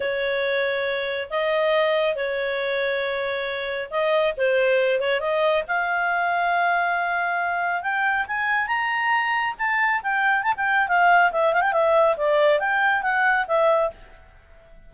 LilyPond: \new Staff \with { instrumentName = "clarinet" } { \time 4/4 \tempo 4 = 138 cis''2. dis''4~ | dis''4 cis''2.~ | cis''4 dis''4 c''4. cis''8 | dis''4 f''2.~ |
f''2 g''4 gis''4 | ais''2 a''4 g''4 | a''16 g''8. f''4 e''8 f''16 g''16 e''4 | d''4 g''4 fis''4 e''4 | }